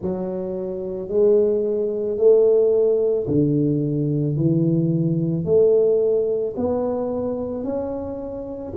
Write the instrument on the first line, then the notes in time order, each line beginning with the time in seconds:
tuba
0.01 F#3
1.08 G#3
2.17 A3
3.27 D3
4.36 E3
5.44 A3
6.56 B3
7.64 C#4